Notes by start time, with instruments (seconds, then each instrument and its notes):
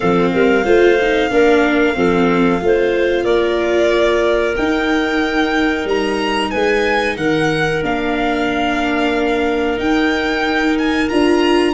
0.00 tuba F3, viola C4, clarinet A4, violin F5
0.32 tuba G3, clarinet A#4
0.64 tuba A3, viola F4, clarinet C5
1.01 viola D#4
1.30 tuba A#3, viola D4, clarinet A#4
1.93 tuba F3, viola C4, clarinet A4
2.60 tuba A3, viola F4, clarinet C5
3.24 tuba A#3, clarinet A#4, violin D5
4.56 tuba D#4, viola D#4, violin G5
5.85 tuba G3, violin A#5
6.50 tuba G#3, clarinet B4, violin G#5
7.16 tuba D#3, clarinet A#4, violin F#5
7.82 tuba A#3, viola D4, violin F5
9.77 viola D#4, tuba D#4, violin G5
10.78 violin G#5
11.09 tuba D4, viola F4, violin A#5